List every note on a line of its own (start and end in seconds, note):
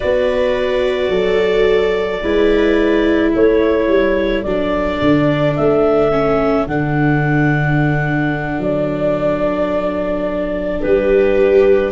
0.00 1.08 B3
0.00 2.22 F#4
0.00 1.10 B4
0.00 3.30 D5
1.08 2.19 F#3
1.08 2.21 A4
2.22 3.34 G#3
2.22 4.45 E4
2.22 3.32 B4
3.32 3.88 A3
3.32 10.82 A4
3.32 4.43 C#5
3.88 4.43 G3
4.43 5.00 F#3
4.43 6.11 D4
4.43 5.54 D5
5.01 5.56 D3
5.56 6.66 A3
5.56 6.67 E5
6.11 6.66 C#4
6.66 8.58 D3
6.66 11.92 D4
6.66 8.61 F#5
8.58 10.81 F#3
8.58 10.80 D5
10.80 11.92 G3
10.80 11.92 G4
10.80 11.91 B4